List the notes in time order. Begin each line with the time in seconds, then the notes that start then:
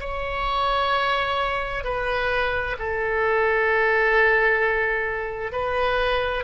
0.00 C#5
1.84 B4
2.79 A4
5.52 B4